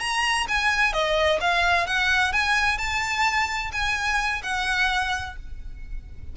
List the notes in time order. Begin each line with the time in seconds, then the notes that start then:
0.00 A#5
0.49 G#5
0.93 D#5
1.41 F5
1.87 F#5
2.33 G#5
2.78 A5
3.72 G#5
4.43 F#5